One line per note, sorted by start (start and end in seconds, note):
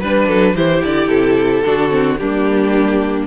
0.00 0.28 G3
0.00 0.56 D4
0.00 0.27 B4
0.00 0.55 B4
0.27 0.55 F#3
0.27 0.54 A4
0.55 0.82 E3
0.55 1.64 E4
0.55 1.64 G4
0.55 0.83 C5
0.84 1.08 D3
0.84 1.08 D5
1.08 1.62 C3
1.08 2.17 A4
1.64 2.20 D3
1.64 1.89 D4
1.64 2.20 F#4
1.89 2.17 C4
2.17 3.27 G3
2.17 3.27 A#3
2.17 3.27 D4
2.17 3.26 G4